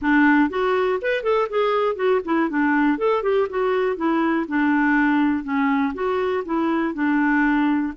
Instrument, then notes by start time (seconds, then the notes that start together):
clarinet
0.01 D4
0.49 F#4
1.01 B4
1.23 A4
1.49 G#4
1.95 F#4
2.24 E4
2.49 D4
2.98 A4
3.22 G4
3.49 F#4
3.96 E4
4.48 D4
5.43 C#4
5.94 F#4
6.45 E4
6.94 D4